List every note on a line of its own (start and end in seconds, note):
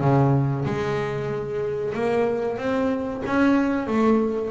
0.00 0.65 C#3
0.65 1.94 G#3
1.94 2.57 A#3
2.57 3.22 C4
3.26 3.87 C#4
3.87 4.51 A3